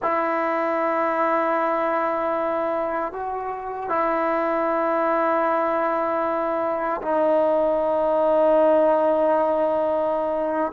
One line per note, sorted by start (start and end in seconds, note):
0.02 3.12 E4
3.12 3.89 F#4
3.89 7.01 E4
7.01 10.71 D#4